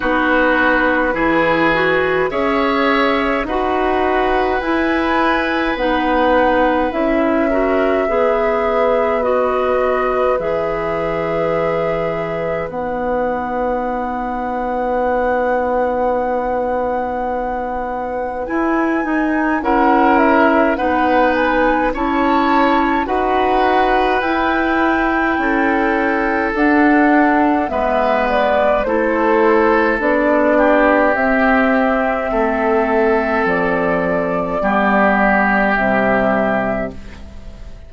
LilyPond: <<
  \new Staff \with { instrumentName = "flute" } { \time 4/4 \tempo 4 = 52 b'2 e''4 fis''4 | gis''4 fis''4 e''2 | dis''4 e''2 fis''4~ | fis''1 |
gis''4 fis''8 e''8 fis''8 gis''8 a''4 | fis''4 g''2 fis''4 | e''8 d''8 c''4 d''4 e''4~ | e''4 d''2 e''4 | }
  \new Staff \with { instrumentName = "oboe" } { \time 4/4 fis'4 gis'4 cis''4 b'4~ | b'2~ b'8 ais'8 b'4~ | b'1~ | b'1~ |
b'4 ais'4 b'4 cis''4 | b'2 a'2 | b'4 a'4. g'4. | a'2 g'2 | }
  \new Staff \with { instrumentName = "clarinet" } { \time 4/4 dis'4 e'8 fis'8 gis'4 fis'4 | e'4 dis'4 e'8 fis'8 gis'4 | fis'4 gis'2 dis'4~ | dis'1 |
e'8 dis'8 e'4 dis'4 e'4 | fis'4 e'2 d'4 | b4 e'4 d'4 c'4~ | c'2 b4 g4 | }
  \new Staff \with { instrumentName = "bassoon" } { \time 4/4 b4 e4 cis'4 dis'4 | e'4 b4 cis'4 b4~ | b4 e2 b4~ | b1 |
e'8 dis'8 cis'4 b4 cis'4 | dis'4 e'4 cis'4 d'4 | gis4 a4 b4 c'4 | a4 f4 g4 c4 | }
>>